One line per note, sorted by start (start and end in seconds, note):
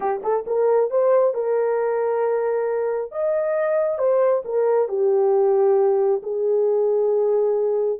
0.00 0.21 G4
0.23 0.45 A4
0.46 0.90 A#4
0.90 1.34 C5
1.34 3.11 A#4
3.11 3.98 D#5
3.98 4.42 C5
4.44 4.88 A#4
4.88 6.21 G4
6.22 7.99 G#4